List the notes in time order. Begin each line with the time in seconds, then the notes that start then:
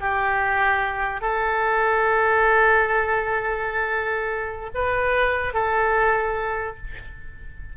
0.00 G4
1.21 A4
4.74 B4
5.53 A4